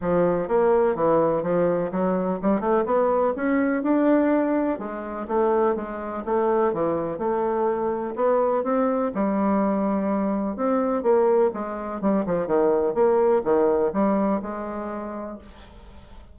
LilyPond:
\new Staff \with { instrumentName = "bassoon" } { \time 4/4 \tempo 4 = 125 f4 ais4 e4 f4 | fis4 g8 a8 b4 cis'4 | d'2 gis4 a4 | gis4 a4 e4 a4~ |
a4 b4 c'4 g4~ | g2 c'4 ais4 | gis4 g8 f8 dis4 ais4 | dis4 g4 gis2 | }